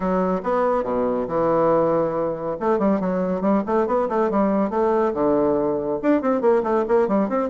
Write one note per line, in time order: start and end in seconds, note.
0.00 0.41 F#3
0.43 0.83 B3
0.83 1.26 B2
1.27 2.56 E3
2.59 2.79 A3
2.79 3.00 G3
3.00 3.41 F#3
3.41 3.62 G3
3.66 3.86 A3
3.86 4.08 B3
4.08 4.30 A3
4.30 4.70 G3
4.70 5.13 A3
5.13 5.99 D3
6.02 6.21 D4
6.21 6.41 C4
6.41 6.62 A#3
6.63 6.84 A3
6.87 7.08 A#3
7.08 7.29 G3
7.29 7.49 C4